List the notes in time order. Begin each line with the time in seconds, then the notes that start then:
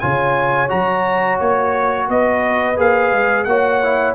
0.00 C#3 F4 C#5 G#5
0.69 F#3 F#4 A#5
1.40 A#3 C#5
2.09 B3 B4 D#5
2.76 A#3 G#4 F5
3.12 G#3
3.44 A#3 F#4 C#5 F#5
3.83 E4